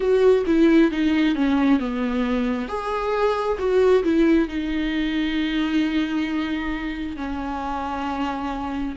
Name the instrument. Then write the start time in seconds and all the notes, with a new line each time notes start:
viola
0.00 F#4
0.46 E4
0.91 D#4
1.35 C#4
1.79 B3
2.68 G#4
3.58 F#4
4.03 E4
4.48 D#4
7.16 C#4